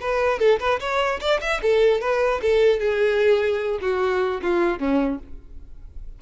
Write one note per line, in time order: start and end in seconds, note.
0.00 0.39 B4
0.39 0.59 A4
0.59 0.79 B4
0.79 1.19 C#5
1.20 1.40 D5
1.41 1.61 E5
1.61 2.00 A4
2.00 2.40 B4
2.42 2.79 A4
2.79 3.79 G#4
3.81 4.41 F#4
4.41 4.78 F4
4.78 5.18 C#4